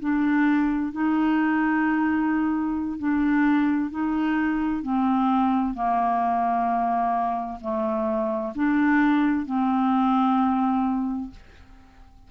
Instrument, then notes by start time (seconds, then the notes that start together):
clarinet
0.00 D4
0.92 D#4
2.99 D4
3.91 D#4
4.83 C4
5.74 A#3
7.62 A3
8.55 D4
9.46 C4